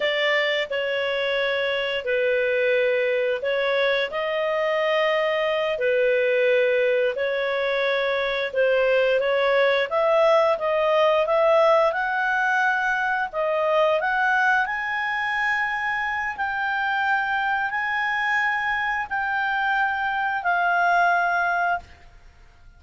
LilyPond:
\new Staff \with { instrumentName = "clarinet" } { \time 4/4 \tempo 4 = 88 d''4 cis''2 b'4~ | b'4 cis''4 dis''2~ | dis''8 b'2 cis''4.~ | cis''8 c''4 cis''4 e''4 dis''8~ |
dis''8 e''4 fis''2 dis''8~ | dis''8 fis''4 gis''2~ gis''8 | g''2 gis''2 | g''2 f''2 | }